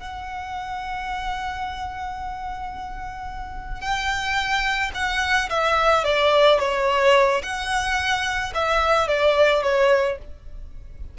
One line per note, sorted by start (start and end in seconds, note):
0.00 3.82 F#5
3.82 4.92 G5
4.95 5.50 F#5
5.50 6.05 E5
6.05 6.60 D5
6.60 7.42 C#5
7.43 8.53 F#5
8.55 9.08 E5
9.08 9.63 D5
9.63 10.18 C#5